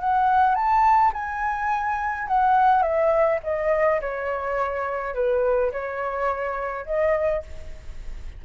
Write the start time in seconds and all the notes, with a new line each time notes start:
0.00 F#5
0.55 A5
1.13 G#5
2.28 F#5
2.82 E5
3.43 D#5
4.01 C#5
5.14 B4
5.72 C#5
6.86 D#5